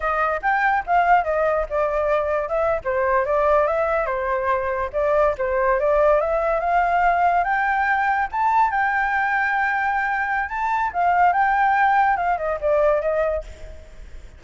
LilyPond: \new Staff \with { instrumentName = "flute" } { \time 4/4 \tempo 4 = 143 dis''4 g''4 f''4 dis''4 | d''2 e''8. c''4 d''16~ | d''8. e''4 c''2 d''16~ | d''8. c''4 d''4 e''4 f''16~ |
f''4.~ f''16 g''2 a''16~ | a''8. g''2.~ g''16~ | g''4 a''4 f''4 g''4~ | g''4 f''8 dis''8 d''4 dis''4 | }